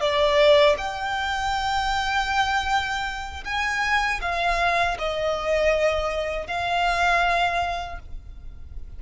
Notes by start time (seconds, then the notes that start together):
0.00 D5
0.78 G5
3.44 G#5
4.21 F5
4.98 D#5
6.47 F5